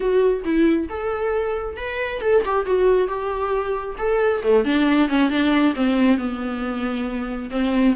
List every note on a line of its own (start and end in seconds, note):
0.00 0.43 F#4
0.44 0.88 E4
0.89 1.76 A4
1.76 2.21 B4
2.21 2.43 A4
2.45 2.65 G4
2.65 3.07 F#4
3.07 3.96 G4
3.97 4.42 A4
4.42 4.64 A3
4.64 5.09 D4
5.09 5.29 C#4
5.29 5.74 D4
5.75 6.17 C4
6.17 7.49 B3
7.50 7.94 C4